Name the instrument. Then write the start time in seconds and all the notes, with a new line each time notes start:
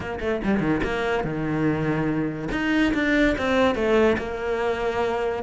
cello
0.00 A#3
0.20 A3
0.44 G3
0.59 D#3
0.83 A#3
1.23 D#3
2.51 D#4
2.94 D4
3.38 C4
3.75 A3
4.18 A#3